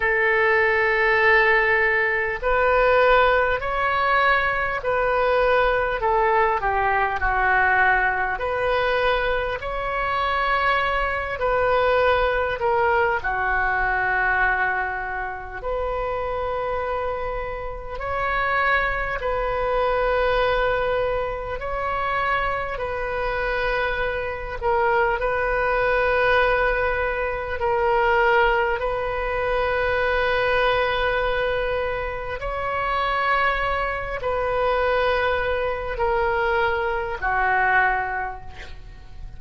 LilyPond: \new Staff \with { instrumentName = "oboe" } { \time 4/4 \tempo 4 = 50 a'2 b'4 cis''4 | b'4 a'8 g'8 fis'4 b'4 | cis''4. b'4 ais'8 fis'4~ | fis'4 b'2 cis''4 |
b'2 cis''4 b'4~ | b'8 ais'8 b'2 ais'4 | b'2. cis''4~ | cis''8 b'4. ais'4 fis'4 | }